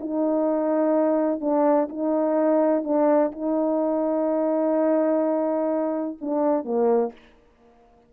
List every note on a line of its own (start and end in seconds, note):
0.00 1.41 D#4
1.41 1.88 D4
1.89 2.84 D#4
2.84 3.32 D4
3.32 6.18 D#4
6.21 6.65 D4
6.65 7.12 A#3